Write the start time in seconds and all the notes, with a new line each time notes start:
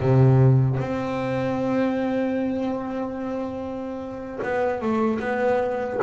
0.00 C3
0.79 C4
4.43 B3
4.81 A3
5.19 B3